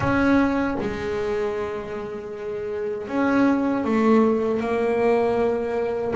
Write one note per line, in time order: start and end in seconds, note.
0.00 0.76 C#4
0.80 3.07 G#3
3.07 3.84 C#4
3.84 4.60 A3
4.60 6.14 A#3